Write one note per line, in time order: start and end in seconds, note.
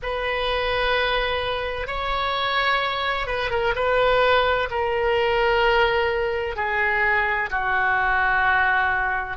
0.02 1.87 B4
1.87 3.26 C#5
3.26 3.50 B4
3.50 3.74 A#4
3.75 4.68 B4
4.70 6.55 A#4
6.55 7.49 G#4
7.50 9.37 F#4